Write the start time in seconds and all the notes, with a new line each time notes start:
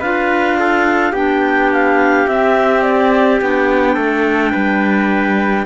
0.00 D4 F4 B4 F5
0.60 A4
1.12 B3 D4 G4 G5
1.73 F5
2.28 C4 E5
2.83 D5
3.41 B3 D4 G5
3.95 A3 A4
4.52 G3 B4